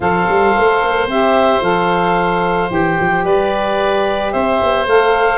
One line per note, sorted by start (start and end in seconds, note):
0.00 0.27 F3
0.00 1.09 A4
0.00 3.24 C5
0.00 1.08 F5
0.28 0.55 G3
0.56 0.82 A3
0.82 1.07 A#3
1.07 1.61 C4
1.07 1.62 G4
1.07 1.62 E5
1.61 2.69 F3
1.61 2.68 A4
1.61 2.70 F5
2.68 2.97 E3
2.68 4.85 G4
2.68 3.25 G5
3.00 3.24 F3
3.24 4.32 G3
3.24 4.32 B4
3.24 4.32 D5
4.32 4.60 C4
4.32 5.38 C5
4.32 4.86 E5
4.61 4.86 B3
4.86 5.38 A3
4.86 5.38 A4
4.86 5.38 F5